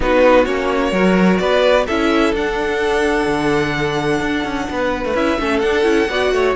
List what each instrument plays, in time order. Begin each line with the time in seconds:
0.00 cello B3, viola D#4, violin F#4 B4
0.45 cello A#3, viola C#4, violin C#5
0.92 cello F#3, viola F#4, violin A#4
1.38 cello B3, violin B4 D5
1.86 cello C#4, viola E4, violin A4 E5
2.32 cello D4, viola D4, violin F#5
3.26 cello D3
4.20 cello D4
4.44 cello C#4
4.70 cello B3, violin B4
5.04 cello A3
5.14 cello C#4, viola E4, violin E5
5.38 cello A3, viola C#4, violin A4
5.59 cello D4, viola D4, violin F#5
5.83 cello C#4, viola E4
6.09 cello B3, viola F#4, violin D5
6.32 cello A3, violin C#5